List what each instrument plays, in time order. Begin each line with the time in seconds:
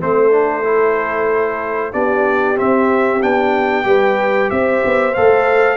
0.00 tuba A3, trombone C4, horn A4, trumpet C5
0.31 trombone D4
0.64 trombone E4
1.92 tuba B3, trombone D4, horn G4, trumpet D5
2.56 trombone C4, tuba C4, trumpet E5
3.22 tuba B3, trombone D4, trumpet G5
3.84 tuba G3, trombone G4, horn B4
4.50 tuba C4, horn C5, trumpet E5
4.85 tuba B3
5.14 tuba A3, trombone A4, trumpet F5